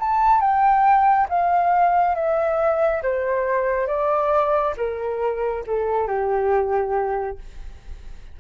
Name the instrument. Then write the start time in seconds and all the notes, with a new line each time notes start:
flute
0.00 A5
0.41 G5
1.29 F5
2.15 E5
3.03 C5
3.87 D5
4.77 A#4
5.67 A4
6.08 G4